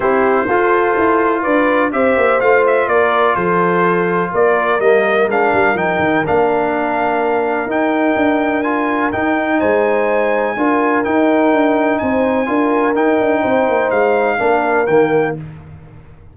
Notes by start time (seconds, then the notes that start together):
0.00 C4 E4 G4 C5
0.47 F4 A4
0.98 E4
1.42 D4 B4 D5
1.92 C4 G4 C5 E5
2.16 A#3
2.40 A3 F4 F5
2.66 E5
2.87 A#3 A#4 D5
3.34 F3 A4 C5
4.31 A#3 A#4 D5
4.79 G3 A#3 D#5
5.27 G#3 D4 F5
5.53 G3
5.74 F3 D#4 G5
5.99 D#3
6.25 A#3 D4 F5
7.66 D#4 G5
8.16 D4
8.62 F4 G#5
9.12 D#4 G5
9.58 G#3 C5 G#5
10.56 D4 F4 A#4
11.04 D#4 G5
11.52 D4
11.98 C4 C5 G#5
12.46 D4 F4 A#4
12.95 D#4 G5
13.20 D4
13.40 C4 C5
13.68 A#3
13.90 G#3 F5
14.38 A#3 D4 A#4
14.86 D#3 A#3 G5